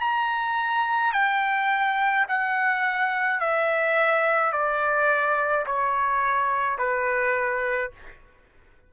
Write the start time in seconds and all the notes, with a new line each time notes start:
0.00 A#5
1.13 G5
2.28 F#5
3.40 E5
4.52 D5
5.66 C#5
6.78 B4